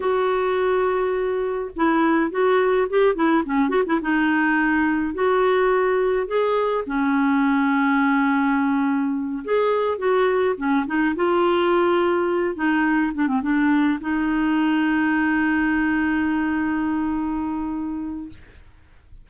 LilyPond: \new Staff \with { instrumentName = "clarinet" } { \time 4/4 \tempo 4 = 105 fis'2. e'4 | fis'4 g'8 e'8 cis'8 fis'16 e'16 dis'4~ | dis'4 fis'2 gis'4 | cis'1~ |
cis'8 gis'4 fis'4 cis'8 dis'8 f'8~ | f'2 dis'4 d'16 c'16 d'8~ | d'8 dis'2.~ dis'8~ | dis'1 | }